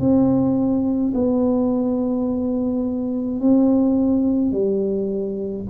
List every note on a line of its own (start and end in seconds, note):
0.00 1.13 C4
1.14 3.41 B3
3.41 4.51 C4
4.51 5.64 G3